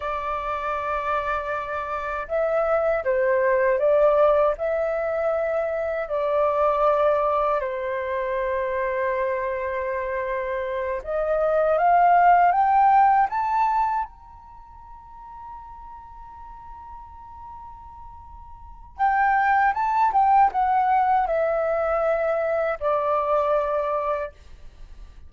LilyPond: \new Staff \with { instrumentName = "flute" } { \time 4/4 \tempo 4 = 79 d''2. e''4 | c''4 d''4 e''2 | d''2 c''2~ | c''2~ c''8 dis''4 f''8~ |
f''8 g''4 a''4 ais''4.~ | ais''1~ | ais''4 g''4 a''8 g''8 fis''4 | e''2 d''2 | }